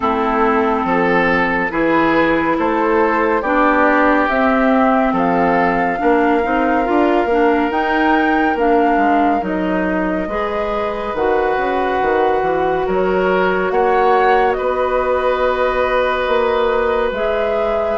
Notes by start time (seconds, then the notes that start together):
0.00 A3 C4 E4 A4
0.84 F3 A4
1.70 E3 E4 G#4 B4
2.58 A3 A4 C5
3.41 B3 D4 G4 D5
4.28 C4 E5
5.12 F3 A4 F5
5.98 A#3 D4 A#4
6.43 C4 D#4
6.84 D4 F4
7.25 A#3 D4
7.71 D#4 G5
8.55 A#3 D4 F5
8.97 G#3
9.41 F#3 D#4 D#5
10.27 G#3 G#4 B4
11.13 D#3 F#4 F#5
11.56 C#3
12.01 D#3
12.42 E3
12.86 F#3 A#4 C#5
13.71 A#3 C#5 F#5
14.52 B4 D#5
14.59 B3
16.27 A#3
17.11 G#3 G#4 E5